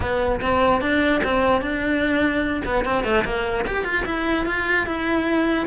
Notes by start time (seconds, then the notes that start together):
0.00 B3
0.41 C4
0.81 D4
1.24 C4
1.61 D4
2.65 B3
2.84 C4
3.04 A3
3.24 A#3
3.67 G4
3.84 F4
4.05 E4
4.46 F4
4.86 E4